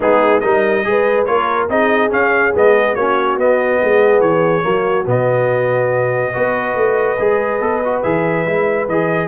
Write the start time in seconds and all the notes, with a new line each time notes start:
0.00 G#3 B3 D#4 G#4
0.40 G3 D#4 A#4 D#5
0.84 G#3 G#4 B4
1.25 A#3 F4 A#4 C#5
1.68 C4 D#4 G#4 D#5
2.09 C#4 F5
2.54 G#3 B3 D#5
2.95 A#3 C#4 F#4 C#5
3.36 B3 D#5
3.81 G#3 G#4
4.20 E3 C#5
4.62 F#3 A#3 F#4
5.06 B2 B3 D#5
6.33 B3 F#4 B4
6.75 A3
7.19 G#3 G#4
7.60 B3 A4
7.84 F#4
8.02 E3 G#4 E5
8.46 G#3 E4
8.87 E3 G#4 D#5